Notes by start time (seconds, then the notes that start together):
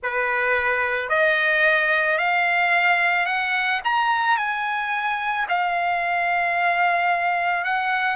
0.02 B4
1.09 D#5
2.18 F5
3.26 F#5
3.84 A#5
4.37 G#5
5.48 F5
7.64 F#5